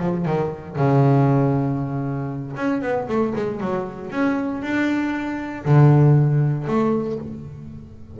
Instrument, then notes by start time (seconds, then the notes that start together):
double bass
0.00 F3
0.26 D#3
0.77 C#3
2.57 C#4
2.82 B3
3.09 A3
3.36 G#3
3.61 F#3
4.11 C#4
4.62 D4
5.65 D3
6.68 A3